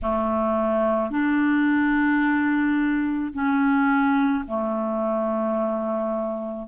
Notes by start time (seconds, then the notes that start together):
0.02 A3
1.10 D4
3.33 C#4
4.47 A3